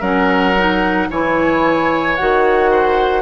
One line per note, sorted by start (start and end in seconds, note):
0.00 1.08 F#3
0.00 0.55 C#4
0.00 1.07 A#4
0.00 1.09 F#5
0.58 1.11 D#4
1.10 2.18 E3
1.10 2.18 E4
1.10 2.71 C#5
1.10 2.16 G#5
2.16 3.22 D#3
2.16 3.22 F#4
2.16 3.22 F#5
2.71 3.22 C5